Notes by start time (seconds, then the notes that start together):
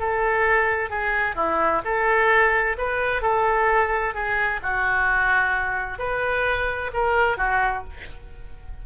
0.00 A4
0.90 G#4
1.36 E4
1.85 A4
2.78 B4
3.22 A4
4.15 G#4
4.63 F#4
5.99 B4
6.94 A#4
7.38 F#4